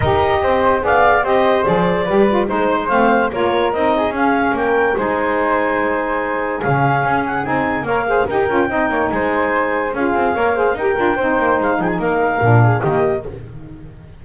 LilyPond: <<
  \new Staff \with { instrumentName = "clarinet" } { \time 4/4 \tempo 4 = 145 dis''2 f''4 dis''4 | d''2 c''4 f''4 | cis''4 dis''4 f''4 g''4 | gis''1 |
f''4. fis''8 gis''4 f''4 | g''2 gis''2 | f''2 g''2 | f''8 g''16 gis''16 f''2 dis''4 | }
  \new Staff \with { instrumentName = "flute" } { \time 4/4 ais'4 c''4 d''4 c''4~ | c''4 b'4 c''2 | ais'4. gis'4. ais'4 | c''1 |
gis'2. cis''8 c''8 | ais'4 dis''8 cis''8 c''2 | gis'4 cis''8 c''8 ais'4 c''4~ | c''8 gis'8 ais'4. gis'8 g'4 | }
  \new Staff \with { instrumentName = "saxophone" } { \time 4/4 g'2 gis'4 g'4 | gis'4 g'8 f'8 dis'4 c'4 | f'4 dis'4 cis'2 | dis'1 |
cis'2 dis'4 ais'8 gis'8 | g'8 f'8 dis'2. | f'4 ais'8 gis'8 g'8 f'8 dis'4~ | dis'2 d'4 ais4 | }
  \new Staff \with { instrumentName = "double bass" } { \time 4/4 dis'4 c'4 b4 c'4 | f4 g4 gis4 a4 | ais4 c'4 cis'4 ais4 | gis1 |
cis4 cis'4 c'4 ais4 | dis'8 cis'8 c'8 ais8 gis2 | cis'8 c'8 ais4 dis'8 d'8 c'8 ais8 | gis8 f8 ais4 ais,4 dis4 | }
>>